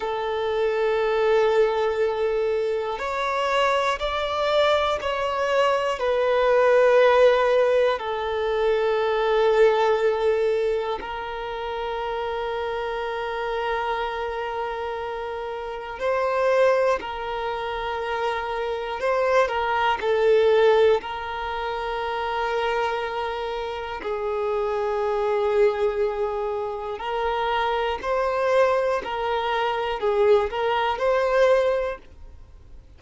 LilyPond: \new Staff \with { instrumentName = "violin" } { \time 4/4 \tempo 4 = 60 a'2. cis''4 | d''4 cis''4 b'2 | a'2. ais'4~ | ais'1 |
c''4 ais'2 c''8 ais'8 | a'4 ais'2. | gis'2. ais'4 | c''4 ais'4 gis'8 ais'8 c''4 | }